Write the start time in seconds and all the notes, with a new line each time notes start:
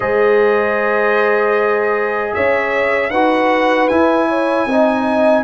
0.00 G#3 G#4 C5 D#5
2.34 C#4 C#5 E5
3.10 D#4 F#4 B4 F#5
3.88 E4 G#5
4.28 C#5
4.66 C4 D#4 D#5